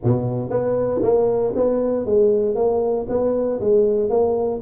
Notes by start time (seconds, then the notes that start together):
0.03 B2
0.50 B3
1.02 A#3
1.55 B3
2.05 G#3
2.55 A#3
3.08 B3
3.60 G#3
4.09 A#3